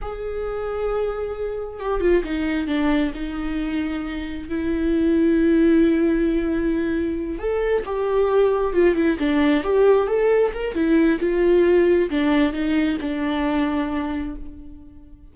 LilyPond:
\new Staff \with { instrumentName = "viola" } { \time 4/4 \tempo 4 = 134 gis'1 | g'8 f'8 dis'4 d'4 dis'4~ | dis'2 e'2~ | e'1~ |
e'8 a'4 g'2 f'8 | e'8 d'4 g'4 a'4 ais'8 | e'4 f'2 d'4 | dis'4 d'2. | }